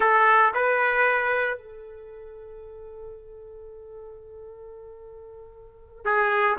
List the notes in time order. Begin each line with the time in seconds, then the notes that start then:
0.00 A4
0.54 B4
1.57 A4
6.04 G#4